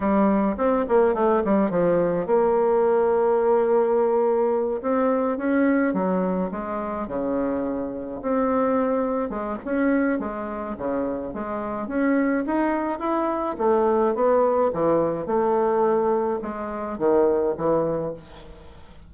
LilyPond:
\new Staff \with { instrumentName = "bassoon" } { \time 4/4 \tempo 4 = 106 g4 c'8 ais8 a8 g8 f4 | ais1~ | ais8 c'4 cis'4 fis4 gis8~ | gis8 cis2 c'4.~ |
c'8 gis8 cis'4 gis4 cis4 | gis4 cis'4 dis'4 e'4 | a4 b4 e4 a4~ | a4 gis4 dis4 e4 | }